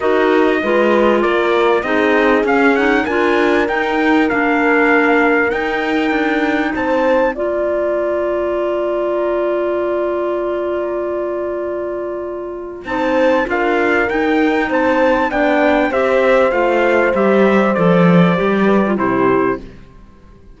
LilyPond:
<<
  \new Staff \with { instrumentName = "trumpet" } { \time 4/4 \tempo 4 = 98 dis''2 d''4 dis''4 | f''8 fis''8 gis''4 g''4 f''4~ | f''4 g''2 a''4 | ais''1~ |
ais''1~ | ais''4 a''4 f''4 g''4 | a''4 g''4 e''4 f''4 | e''4 d''2 c''4 | }
  \new Staff \with { instrumentName = "horn" } { \time 4/4 ais'4 b'4 ais'4 gis'4~ | gis'4 ais'2.~ | ais'2. c''4 | d''1~ |
d''1~ | d''4 c''4 ais'2 | c''4 d''4 c''2~ | c''2~ c''8 b'8 g'4 | }
  \new Staff \with { instrumentName = "clarinet" } { \time 4/4 fis'4 f'2 dis'4 | cis'8 dis'8 f'4 dis'4 d'4~ | d'4 dis'2. | f'1~ |
f'1~ | f'4 dis'4 f'4 dis'4~ | dis'4 d'4 g'4 f'4 | g'4 a'4 g'8. f'16 e'4 | }
  \new Staff \with { instrumentName = "cello" } { \time 4/4 dis'4 gis4 ais4 c'4 | cis'4 d'4 dis'4 ais4~ | ais4 dis'4 d'4 c'4 | ais1~ |
ais1~ | ais4 c'4 d'4 dis'4 | c'4 b4 c'4 a4 | g4 f4 g4 c4 | }
>>